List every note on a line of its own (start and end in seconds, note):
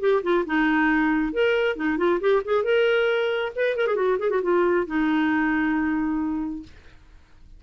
0.00 0.22 G4
0.23 0.45 F4
0.46 1.33 D#4
1.33 1.76 A#4
1.76 1.98 D#4
1.98 2.20 F4
2.20 2.42 G4
2.45 2.64 G#4
2.64 3.52 A#4
3.56 3.77 B4
3.77 3.87 A#4
3.87 3.96 G#4
3.96 4.18 F#4
4.19 4.30 G#4
4.30 4.41 F#4
4.43 4.87 F4
4.87 6.63 D#4